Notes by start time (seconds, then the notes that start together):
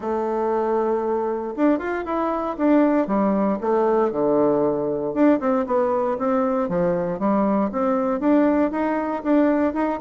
0.00 A3
1.56 D4
1.78 F4
2.05 E4
2.57 D4
3.07 G3
3.60 A3
4.11 D3
5.14 D4
5.40 C4
5.66 B3
6.18 C4
6.69 F3
7.19 G3
7.72 C4
8.20 D4
8.71 D#4
9.23 D4
9.73 D#4